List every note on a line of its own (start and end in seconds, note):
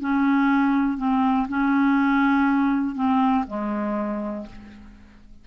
0.00 0.97 C#4
0.97 1.47 C4
1.48 2.95 C#4
2.95 3.45 C4
3.47 4.46 G#3